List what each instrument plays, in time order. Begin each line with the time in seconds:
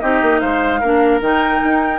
0.00 bassoon C4, clarinet D#4, oboe G4, flute D#5
0.22 bassoon A#3
0.40 bassoon G#3, oboe C5, flute F5
0.80 bassoon A#3, clarinet D4, oboe A#4
1.21 bassoon D#3, clarinet D#4, flute G5
1.65 bassoon D#4